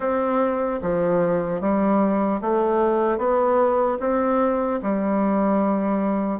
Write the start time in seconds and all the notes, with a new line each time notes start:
0.00 C4
0.82 F3
1.60 G3
2.41 A3
3.18 B3
4.00 C4
4.82 G3